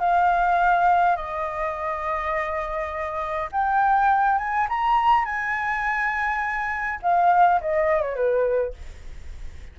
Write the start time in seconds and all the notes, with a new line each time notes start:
0.00 F5
1.16 D#5
3.52 G5
4.38 G#5
4.69 A#5
5.25 G#5
7.02 F5
7.61 D#5
8.01 C#5
8.15 B4